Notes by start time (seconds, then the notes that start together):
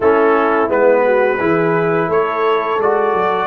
0.00 A3 C#4 E4 A4
0.68 G#3 B3 B4
1.04 F#4
1.39 E3 E4 G#4
2.08 A3 A4 C#5
2.78 G#3 F#4 D5
3.13 F#3